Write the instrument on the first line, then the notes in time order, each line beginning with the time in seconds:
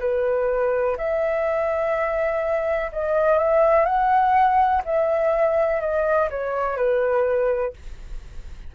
flute
0.00 B4
0.97 E5
2.93 D#5
3.38 E5
3.85 F#5
4.85 E5
5.81 D#5
6.30 C#5
6.77 B4